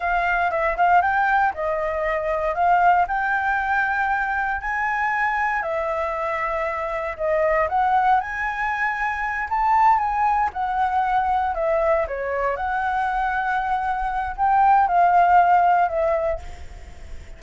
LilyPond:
\new Staff \with { instrumentName = "flute" } { \time 4/4 \tempo 4 = 117 f''4 e''8 f''8 g''4 dis''4~ | dis''4 f''4 g''2~ | g''4 gis''2 e''4~ | e''2 dis''4 fis''4 |
gis''2~ gis''8 a''4 gis''8~ | gis''8 fis''2 e''4 cis''8~ | cis''8 fis''2.~ fis''8 | g''4 f''2 e''4 | }